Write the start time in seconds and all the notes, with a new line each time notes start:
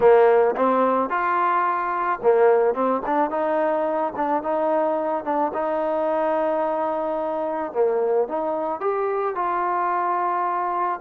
0.00 A#3
0.56 C4
1.09 F4
2.22 A#3
2.74 C4
3.06 D4
3.30 D#4
4.16 D4
4.43 D#4
5.24 D4
5.53 D#4
7.73 A#3
8.27 D#4
8.80 G4
9.35 F4